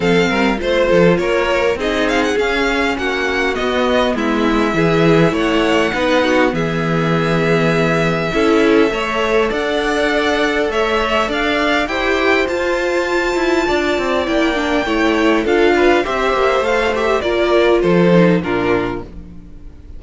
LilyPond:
<<
  \new Staff \with { instrumentName = "violin" } { \time 4/4 \tempo 4 = 101 f''4 c''4 cis''4 dis''8 f''16 fis''16 | f''4 fis''4 dis''4 e''4~ | e''4 fis''2 e''4~ | e''1 |
fis''2 e''4 f''4 | g''4 a''2. | g''2 f''4 e''4 | f''8 e''8 d''4 c''4 ais'4 | }
  \new Staff \with { instrumentName = "violin" } { \time 4/4 a'8 ais'8 c''8 a'8 ais'4 gis'4~ | gis'4 fis'2 e'4 | gis'4 cis''4 b'8 fis'8 gis'4~ | gis'2 a'4 cis''4 |
d''2 cis''4 d''4 | c''2. d''4~ | d''4 cis''4 a'8 b'8 c''4~ | c''4 ais'4 a'4 f'4 | }
  \new Staff \with { instrumentName = "viola" } { \time 4/4 c'4 f'2 dis'4 | cis'2 b2 | e'2 dis'4 b4~ | b2 e'4 a'4~ |
a'1 | g'4 f'2. | e'8 d'8 e'4 f'4 g'4 | a'8 g'8 f'4. dis'8 d'4 | }
  \new Staff \with { instrumentName = "cello" } { \time 4/4 f8 g8 a8 f8 ais4 c'4 | cis'4 ais4 b4 gis4 | e4 a4 b4 e4~ | e2 cis'4 a4 |
d'2 a4 d'4 | e'4 f'4. e'8 d'8 c'8 | ais4 a4 d'4 c'8 ais8 | a4 ais4 f4 ais,4 | }
>>